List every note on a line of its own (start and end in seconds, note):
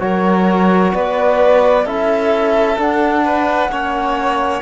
0.00 0.93 F#3
0.00 1.85 F#4
0.00 0.95 A#4
0.00 0.93 C#5
0.94 1.86 B3
0.94 1.86 B4
0.94 1.87 D5
1.86 2.78 C#4
1.86 2.78 E4
1.86 3.24 A4
1.86 2.79 E5
2.78 3.70 D4
2.78 3.69 D4
2.78 4.63 F#5
3.25 3.71 B4
3.69 4.62 A#3
3.69 4.63 C#4
3.69 4.63 C#5